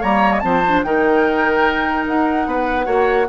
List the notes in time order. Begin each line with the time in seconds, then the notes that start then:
0.00 G3 A#3 C#5 A#5
0.31 D#5
0.39 F3 C4 C5 A5
0.67 D4
0.82 D#3 D#4 A#4 G5
2.06 D#4 F#5
2.46 B3 B4
2.85 A#3 F#4 C#5